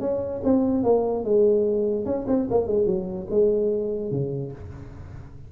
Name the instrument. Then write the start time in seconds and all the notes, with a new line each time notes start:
tuba
0.00 C#4
0.44 C4
0.83 A#3
1.24 G#3
2.05 C#4
2.27 C4
2.50 A#3
2.67 G#3
2.86 F#3
3.30 G#3
4.11 C#3